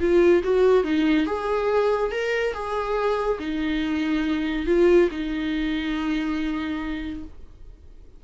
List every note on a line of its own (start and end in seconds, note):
0.00 0.43 F4
0.43 0.84 F#4
0.84 1.26 D#4
1.26 2.11 G#4
2.11 2.53 A#4
2.53 3.38 G#4
3.39 4.66 D#4
4.66 5.09 F4
5.11 7.24 D#4